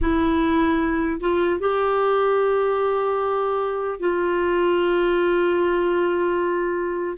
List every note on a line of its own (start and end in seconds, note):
0.01 1.20 E4
1.20 1.60 F4
1.60 3.99 G4
3.99 7.17 F4